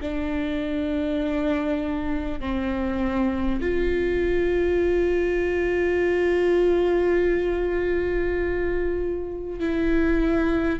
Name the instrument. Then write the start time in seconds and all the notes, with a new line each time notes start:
viola
0.00 D4
2.39 C4
3.60 F4
9.59 E4